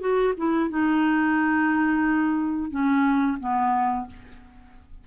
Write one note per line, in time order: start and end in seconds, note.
0.00 0.34 F#4
0.37 0.70 E4
0.70 2.71 D#4
2.71 3.38 C#4
3.40 4.07 B3